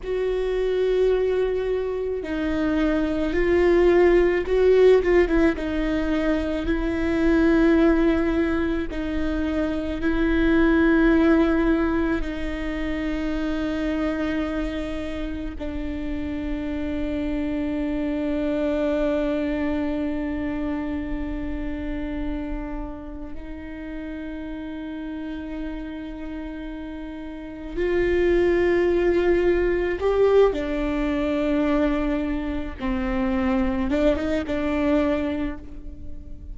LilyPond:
\new Staff \with { instrumentName = "viola" } { \time 4/4 \tempo 4 = 54 fis'2 dis'4 f'4 | fis'8 f'16 e'16 dis'4 e'2 | dis'4 e'2 dis'4~ | dis'2 d'2~ |
d'1~ | d'4 dis'2.~ | dis'4 f'2 g'8 d'8~ | d'4. c'4 d'16 dis'16 d'4 | }